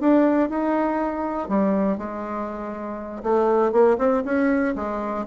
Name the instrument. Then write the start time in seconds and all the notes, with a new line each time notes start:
bassoon
0.00 D4
0.49 D#4
1.49 G3
1.97 G#3
3.23 A3
3.72 A#3
3.98 C4
4.25 C#4
4.75 G#3